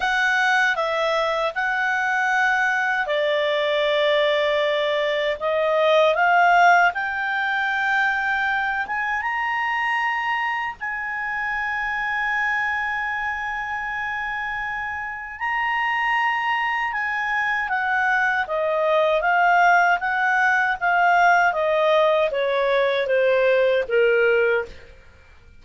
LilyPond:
\new Staff \with { instrumentName = "clarinet" } { \time 4/4 \tempo 4 = 78 fis''4 e''4 fis''2 | d''2. dis''4 | f''4 g''2~ g''8 gis''8 | ais''2 gis''2~ |
gis''1 | ais''2 gis''4 fis''4 | dis''4 f''4 fis''4 f''4 | dis''4 cis''4 c''4 ais'4 | }